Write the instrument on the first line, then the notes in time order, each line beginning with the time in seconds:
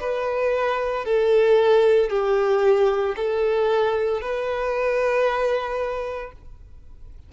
violin
0.00 B4
1.05 A4
2.10 G4
3.16 A4
4.21 B4